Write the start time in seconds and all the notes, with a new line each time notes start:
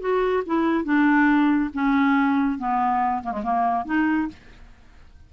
0.00 F#4
0.46 E4
0.84 D4
1.74 C#4
2.58 B3
3.23 A#3
3.32 G#3
3.43 A#3
3.85 D#4